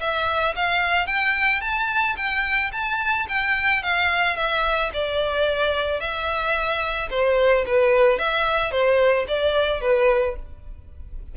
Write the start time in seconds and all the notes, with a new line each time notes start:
0.00 E5
0.56 F5
1.07 G5
1.61 A5
2.17 G5
2.72 A5
3.29 G5
3.83 F5
4.36 E5
4.93 D5
6.00 E5
7.10 C5
7.66 B4
8.19 E5
8.71 C5
9.28 D5
9.81 B4